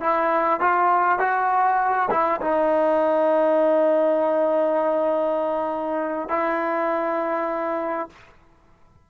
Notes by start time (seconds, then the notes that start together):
0.00 E4
0.60 F4
1.19 F#4
2.11 E4
2.41 D#4
6.29 E4